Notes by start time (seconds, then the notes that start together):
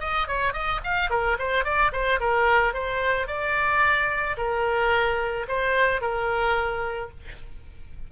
0.00 D#5
0.28 C#5
0.53 D#5
0.83 F5
1.10 A#4
1.38 C5
1.64 D5
1.92 C5
2.20 A#4
2.73 C5
3.27 D5
4.37 A#4
5.48 C5
6.01 A#4